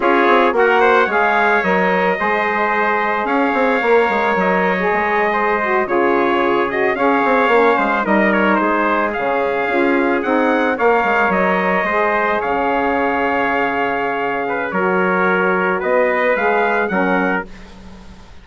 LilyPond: <<
  \new Staff \with { instrumentName = "trumpet" } { \time 4/4 \tempo 4 = 110 cis''4 fis''4 f''4 dis''4~ | dis''2 f''2 | dis''2~ dis''8. cis''4~ cis''16~ | cis''16 dis''8 f''2 dis''8 cis''8 c''16~ |
c''8. f''2 fis''4 f''16~ | f''8. dis''2 f''4~ f''16~ | f''2. cis''4~ | cis''4 dis''4 f''4 fis''4 | }
  \new Staff \with { instrumentName = "trumpet" } { \time 4/4 gis'4 ais'8 c''8 cis''2 | c''2 cis''2~ | cis''4.~ cis''16 c''4 gis'4~ gis'16~ | gis'8. cis''4. c''8 ais'4 gis'16~ |
gis'2.~ gis'8. cis''16~ | cis''4.~ cis''16 c''4 cis''4~ cis''16~ | cis''2~ cis''8 b'8 ais'4~ | ais'4 b'2 ais'4 | }
  \new Staff \with { instrumentName = "saxophone" } { \time 4/4 f'4 fis'4 gis'4 ais'4 | gis'2. ais'4~ | ais'8. gis'4. fis'8 f'4~ f'16~ | f'16 fis'8 gis'4 cis'4 dis'4~ dis'16~ |
dis'8. cis'4 f'4 dis'4 ais'16~ | ais'4.~ ais'16 gis'2~ gis'16~ | gis'2. fis'4~ | fis'2 gis'4 cis'4 | }
  \new Staff \with { instrumentName = "bassoon" } { \time 4/4 cis'8 c'8 ais4 gis4 fis4 | gis2 cis'8 c'8 ais8 gis8 | fis4 gis4.~ gis16 cis4~ cis16~ | cis8. cis'8 c'8 ais8 gis8 g4 gis16~ |
gis8. cis4 cis'4 c'4 ais16~ | ais16 gis8 fis4 gis4 cis4~ cis16~ | cis2. fis4~ | fis4 b4 gis4 fis4 | }
>>